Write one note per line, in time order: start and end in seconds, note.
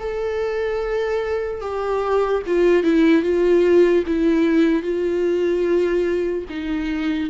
0.00 1.61 A4
1.61 2.43 G4
2.47 2.84 F4
2.84 3.23 E4
3.23 4.04 F4
4.07 4.83 E4
4.83 6.45 F4
6.50 7.30 D#4